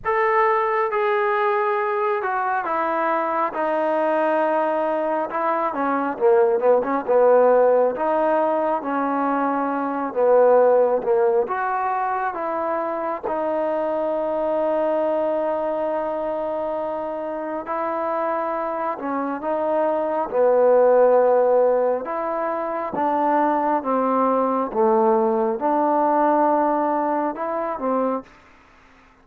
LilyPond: \new Staff \with { instrumentName = "trombone" } { \time 4/4 \tempo 4 = 68 a'4 gis'4. fis'8 e'4 | dis'2 e'8 cis'8 ais8 b16 cis'16 | b4 dis'4 cis'4. b8~ | b8 ais8 fis'4 e'4 dis'4~ |
dis'1 | e'4. cis'8 dis'4 b4~ | b4 e'4 d'4 c'4 | a4 d'2 e'8 c'8 | }